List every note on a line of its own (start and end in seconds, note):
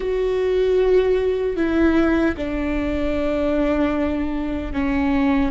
0.00 1.56 F#4
1.56 2.35 E4
2.36 4.73 D4
4.73 5.51 C#4